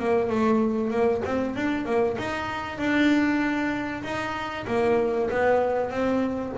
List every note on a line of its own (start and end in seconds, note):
0.00 0.30 A#3
0.30 0.91 A3
0.91 1.22 A#3
1.25 1.56 C4
1.56 1.86 D4
1.86 2.17 A#3
2.18 2.79 D#4
2.79 4.04 D4
4.04 4.66 D#4
4.68 5.30 A#3
5.31 5.91 B3
5.91 6.53 C4